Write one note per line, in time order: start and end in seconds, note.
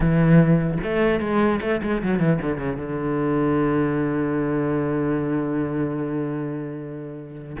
0.00 0.77 E3
0.83 1.19 A3
1.19 1.59 G#3
1.61 1.81 A3
1.82 2.02 G#3
2.02 2.19 F#3
2.19 2.39 E3
2.41 2.57 D3
2.57 2.76 C#3
2.76 7.56 D3